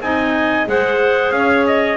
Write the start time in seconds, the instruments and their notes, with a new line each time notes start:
0.00 double bass C4, clarinet D#4 D#5, trumpet G#5
0.66 double bass G#3, clarinet G#4 C5, trumpet F#5
1.31 double bass C#4, clarinet C#5, trumpet F5
1.66 trumpet D#5